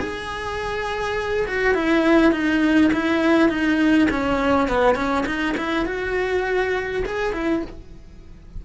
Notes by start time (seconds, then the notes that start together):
0.00 G#4
1.48 F#4
1.75 E4
2.32 D#4
2.94 E4
3.49 D#4
4.11 C#4
4.69 B3
4.96 C#4
5.26 D#4
5.58 E4
5.86 F#4
7.06 G#4
7.33 E4